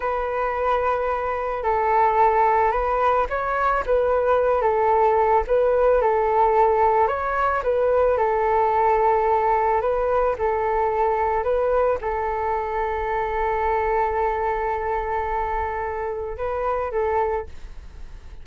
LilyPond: \new Staff \with { instrumentName = "flute" } { \time 4/4 \tempo 4 = 110 b'2. a'4~ | a'4 b'4 cis''4 b'4~ | b'8 a'4. b'4 a'4~ | a'4 cis''4 b'4 a'4~ |
a'2 b'4 a'4~ | a'4 b'4 a'2~ | a'1~ | a'2 b'4 a'4 | }